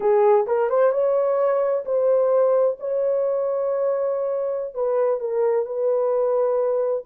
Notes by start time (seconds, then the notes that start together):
0.00 G#4
0.47 A#4
0.69 C5
0.92 C#5
1.85 C5
2.79 C#5
4.74 B4
5.19 A#4
5.65 B4